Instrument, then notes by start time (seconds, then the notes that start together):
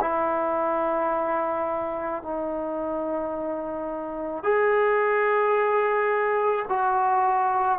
trombone
0.00 E4
2.22 D#4
4.43 G#4
6.68 F#4